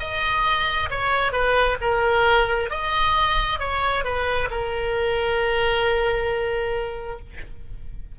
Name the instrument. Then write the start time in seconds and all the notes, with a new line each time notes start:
oboe
0.00 D#5
0.90 C#5
1.33 B4
1.81 A#4
2.70 D#5
3.59 C#5
4.04 B4
4.51 A#4